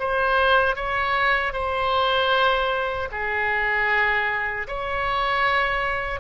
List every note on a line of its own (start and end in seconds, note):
0.00 0.76 C5
0.76 1.53 C#5
1.53 3.09 C5
3.12 4.68 G#4
4.68 6.21 C#5